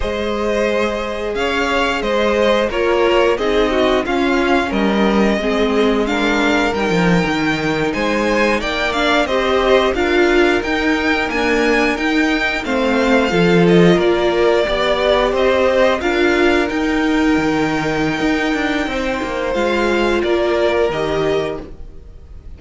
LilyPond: <<
  \new Staff \with { instrumentName = "violin" } { \time 4/4 \tempo 4 = 89 dis''2 f''4 dis''4 | cis''4 dis''4 f''4 dis''4~ | dis''4 f''4 g''4.~ g''16 gis''16~ | gis''8. g''8 f''8 dis''4 f''4 g''16~ |
g''8. gis''4 g''4 f''4~ f''16~ | f''16 dis''8 d''2 dis''4 f''16~ | f''8. g''2.~ g''16~ | g''4 f''4 d''4 dis''4 | }
  \new Staff \with { instrumentName = "violin" } { \time 4/4 c''2 cis''4 c''4 | ais'4 gis'8 fis'8 f'4 ais'4 | gis'4 ais'2~ ais'8. c''16~ | c''8. d''4 c''4 ais'4~ ais'16~ |
ais'2~ ais'8. c''4 a'16~ | a'8. ais'4 d''4 c''4 ais'16~ | ais'1 | c''2 ais'2 | }
  \new Staff \with { instrumentName = "viola" } { \time 4/4 gis'1 | f'4 dis'4 cis'2 | c'4 d'4 dis'2~ | dis'4~ dis'16 d'8 g'4 f'4 dis'16~ |
dis'8. ais4 dis'4 c'4 f'16~ | f'4.~ f'16 g'2 f'16~ | f'8. dis'2.~ dis'16~ | dis'4 f'2 g'4 | }
  \new Staff \with { instrumentName = "cello" } { \time 4/4 gis2 cis'4 gis4 | ais4 c'4 cis'4 g4 | gis2 g16 f8 dis4 gis16~ | gis8. ais4 c'4 d'4 dis'16~ |
dis'8. d'4 dis'4 a4 f16~ | f8. ais4 b4 c'4 d'16~ | d'8. dis'4 dis4~ dis16 dis'8 d'8 | c'8 ais8 gis4 ais4 dis4 | }
>>